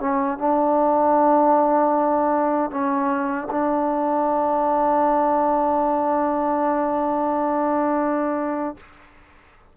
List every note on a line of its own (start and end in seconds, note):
0.00 0.38 C#4
0.38 2.71 D4
2.71 3.49 C#4
3.51 8.77 D4